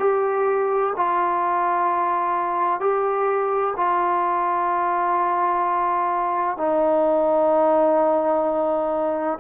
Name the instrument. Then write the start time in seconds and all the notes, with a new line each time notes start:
trombone
0.00 G4
0.97 F4
2.80 G4
3.77 F4
6.58 D#4